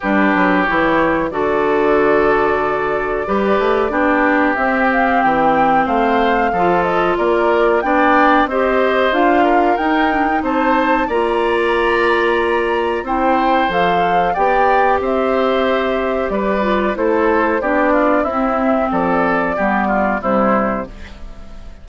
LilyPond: <<
  \new Staff \with { instrumentName = "flute" } { \time 4/4 \tempo 4 = 92 b'4 cis''4 d''2~ | d''2. e''8 f''8 | g''4 f''4. dis''8 d''4 | g''4 dis''4 f''4 g''4 |
a''4 ais''2. | g''4 f''4 g''4 e''4~ | e''4 d''4 c''4 d''4 | e''4 d''2 c''4 | }
  \new Staff \with { instrumentName = "oboe" } { \time 4/4 g'2 a'2~ | a'4 b'4 g'2~ | g'4 c''4 a'4 ais'4 | d''4 c''4. ais'4. |
c''4 d''2. | c''2 d''4 c''4~ | c''4 b'4 a'4 g'8 f'8 | e'4 a'4 g'8 f'8 e'4 | }
  \new Staff \with { instrumentName = "clarinet" } { \time 4/4 d'4 e'4 fis'2~ | fis'4 g'4 d'4 c'4~ | c'2 f'2 | d'4 g'4 f'4 dis'8 d'16 dis'16~ |
dis'4 f'2. | e'4 a'4 g'2~ | g'4. f'8 e'4 d'4 | c'2 b4 g4 | }
  \new Staff \with { instrumentName = "bassoon" } { \time 4/4 g8 fis8 e4 d2~ | d4 g8 a8 b4 c'4 | e4 a4 f4 ais4 | b4 c'4 d'4 dis'4 |
c'4 ais2. | c'4 f4 b4 c'4~ | c'4 g4 a4 b4 | c'4 f4 g4 c4 | }
>>